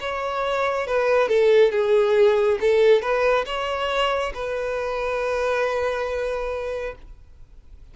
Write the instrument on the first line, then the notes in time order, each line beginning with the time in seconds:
violin
0.00 C#5
0.87 B4
1.28 A4
1.71 G#4
2.60 A4
3.01 B4
3.45 C#5
4.34 B4